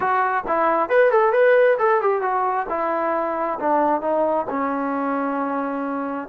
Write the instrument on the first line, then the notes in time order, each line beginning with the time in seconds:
trombone
0.00 F#4
0.47 E4
0.89 B4
1.11 A4
1.32 B4
1.78 A4
2.01 G4
2.21 F#4
2.69 E4
3.59 D4
4.01 D#4
4.49 C#4